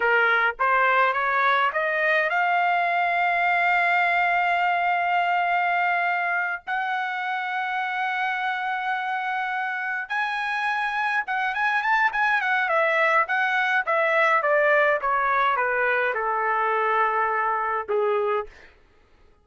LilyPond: \new Staff \with { instrumentName = "trumpet" } { \time 4/4 \tempo 4 = 104 ais'4 c''4 cis''4 dis''4 | f''1~ | f''2.~ f''8 fis''8~ | fis''1~ |
fis''4. gis''2 fis''8 | gis''8 a''8 gis''8 fis''8 e''4 fis''4 | e''4 d''4 cis''4 b'4 | a'2. gis'4 | }